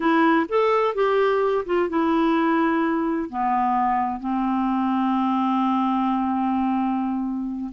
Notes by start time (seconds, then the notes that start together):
0.00 E4
0.48 A4
0.94 G4
1.65 F4
1.89 E4
3.29 B3
4.20 C4